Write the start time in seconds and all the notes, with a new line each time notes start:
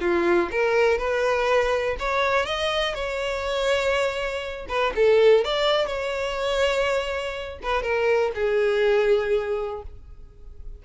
0.00 F4
0.51 A#4
0.98 B4
1.99 C#5
2.45 D#5
2.94 C#5
4.68 B4
4.95 A4
5.44 D5
5.86 C#5
7.63 B4
7.82 A#4
8.35 G#4